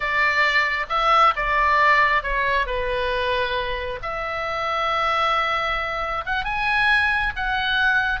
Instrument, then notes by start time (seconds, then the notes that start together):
oboe
0.00 D5
0.89 E5
1.36 D5
2.22 C#5
2.66 B4
4.02 E5
6.25 F#5
6.44 G#5
7.36 F#5